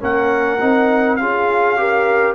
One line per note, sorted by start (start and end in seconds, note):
0.00 0.62 A#3
0.00 0.59 C#4
0.00 1.19 A#4
0.00 1.16 F#5
0.60 1.20 C4
0.60 1.19 D#4
1.16 2.36 C#4
1.16 1.77 F4
1.16 1.80 G#4
1.16 2.34 F5
1.77 2.36 G4
1.77 2.36 A#4